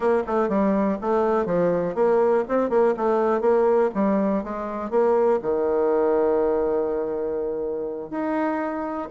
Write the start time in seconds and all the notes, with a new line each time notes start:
0.00 A#3
0.26 A3
0.48 G3
1.01 A3
1.45 F3
1.94 A#3
2.48 C4
2.69 A#3
2.96 A3
3.41 A#3
3.94 G3
4.43 G#3
4.90 A#3
5.42 D#3
8.10 D#4